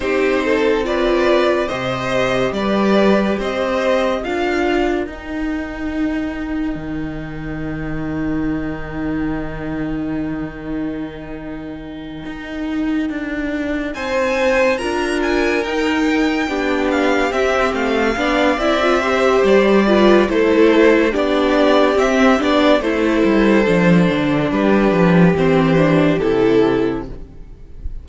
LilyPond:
<<
  \new Staff \with { instrumentName = "violin" } { \time 4/4 \tempo 4 = 71 c''4 d''4 dis''4 d''4 | dis''4 f''4 g''2~ | g''1~ | g''1~ |
g''8 gis''4 ais''8 gis''8 g''4. | f''8 e''8 f''4 e''4 d''4 | c''4 d''4 e''8 d''8 c''4~ | c''4 b'4 c''4 a'4 | }
  \new Staff \with { instrumentName = "violin" } { \time 4/4 g'8 a'8 b'4 c''4 b'4 | c''4 ais'2.~ | ais'1~ | ais'1~ |
ais'8 c''4 ais'2 g'8~ | g'4. d''4 c''4 b'8 | a'4 g'2 a'4~ | a'4 g'2. | }
  \new Staff \with { instrumentName = "viola" } { \time 4/4 dis'4 f'4 g'2~ | g'4 f'4 dis'2~ | dis'1~ | dis'1~ |
dis'4. f'4 dis'4 d'8~ | d'8 c'4 d'8 e'16 f'16 g'4 f'8 | e'4 d'4 c'8 d'8 e'4 | d'2 c'8 d'8 e'4 | }
  \new Staff \with { instrumentName = "cello" } { \time 4/4 c'2 c4 g4 | c'4 d'4 dis'2 | dis1~ | dis2~ dis8 dis'4 d'8~ |
d'8 c'4 d'4 dis'4 b8~ | b8 c'8 a8 b8 c'4 g4 | a4 b4 c'8 b8 a8 g8 | f8 d8 g8 f8 e4 c4 | }
>>